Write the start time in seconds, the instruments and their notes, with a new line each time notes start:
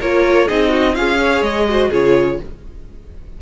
0.00 cello A#3, viola F4, violin A#4 C#5
0.47 cello C4, viola D#4, violin G#4 D#5
0.69 violin F#4
0.94 cello C#4, violin F4 F5, viola G#4
1.19 violin C#5
1.42 cello G#3, violin D#5
1.70 viola F#4, violin C5
1.90 cello C#3, viola F4, violin G#4 C#5